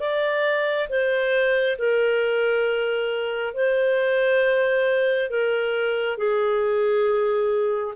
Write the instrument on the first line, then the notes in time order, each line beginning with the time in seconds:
clarinet
0.00 D5
0.89 C5
1.78 A#4
3.54 C5
5.30 A#4
6.18 G#4